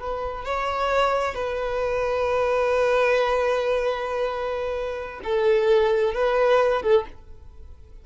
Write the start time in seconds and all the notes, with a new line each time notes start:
0.00 B4
0.45 C#5
1.35 B4
5.24 A4
6.14 B4
6.83 A4